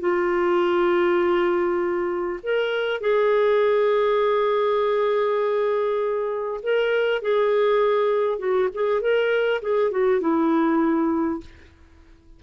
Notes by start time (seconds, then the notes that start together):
0.00 F4
2.43 A#4
3.01 G#4
6.63 A#4
7.22 G#4
8.39 F#4
8.74 G#4
9.01 A#4
9.62 G#4
9.91 F#4
10.21 E4